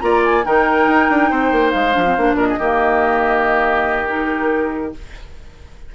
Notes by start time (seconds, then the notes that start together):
0.00 A#3 F4 D5 A#5
0.24 G#5
0.44 D#3 D#4 A#4 G5
0.87 D#4
1.09 D4
1.30 C4 C5
1.52 A#3
1.71 G#3 F5
1.93 F3 D4
2.05 C4
2.17 A#3 D4
2.34 A#2 A#4 D#5
2.49 G#4
2.59 D#3 A#3 G4
4.07 D#4 A#4